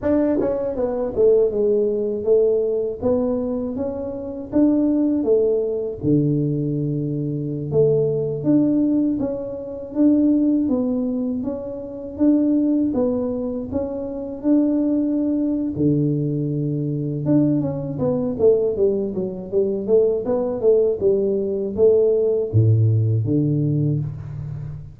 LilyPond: \new Staff \with { instrumentName = "tuba" } { \time 4/4 \tempo 4 = 80 d'8 cis'8 b8 a8 gis4 a4 | b4 cis'4 d'4 a4 | d2~ d16 a4 d'8.~ | d'16 cis'4 d'4 b4 cis'8.~ |
cis'16 d'4 b4 cis'4 d'8.~ | d'4 d2 d'8 cis'8 | b8 a8 g8 fis8 g8 a8 b8 a8 | g4 a4 a,4 d4 | }